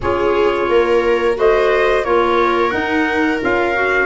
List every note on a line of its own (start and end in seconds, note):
0.01 0.68 C#4
0.01 1.35 F4
0.01 0.69 G#4
0.01 1.37 C#5
0.68 1.36 A#3
0.68 1.38 A#4
1.35 2.04 A3
1.35 2.03 F#4
1.35 2.04 C5
1.35 2.04 D#5
2.04 2.72 A#3
2.04 2.71 F4
2.04 4.05 A#4
2.04 2.70 C#5
2.70 3.39 D#4
2.70 3.41 D#4
2.70 3.38 F#5
3.41 4.05 C#4
3.41 3.74 F4
3.41 4.05 F5
3.74 4.05 F#4